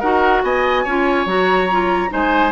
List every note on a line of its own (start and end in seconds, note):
0.00 0.43 D#4
0.00 0.86 F#4
0.00 0.42 A#4
0.00 0.43 F#5
0.43 0.85 B3
0.43 0.84 D#5
0.43 1.28 G#5
0.84 1.25 C#4
0.84 1.27 F4
0.84 2.10 C#5
1.25 2.09 F#3
1.25 1.69 F#4
1.25 2.12 A#5
1.71 2.09 F4
2.09 2.52 G#3
2.09 2.51 D#4
2.09 2.52 C5
2.09 2.52 G#5